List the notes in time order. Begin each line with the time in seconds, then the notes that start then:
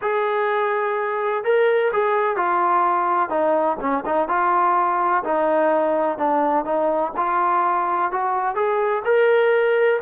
0.01 G#4
1.44 A#4
1.92 G#4
2.36 F4
3.29 D#4
3.80 C#4
4.05 D#4
4.28 F4
5.24 D#4
6.18 D4
6.64 D#4
7.16 F4
8.11 F#4
8.55 G#4
9.04 A#4